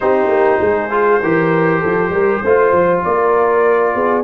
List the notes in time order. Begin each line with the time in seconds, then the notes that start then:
0.00 C4 D#4 G4 C5
0.26 A#3
0.60 G#3 G#4
0.90 F4
1.20 E3 G4 A#4
1.80 F3 A4
2.09 G3 A#4
2.43 A3 F4 C5
2.72 F3
3.04 A#3 A#4 D5
3.94 B3 G#4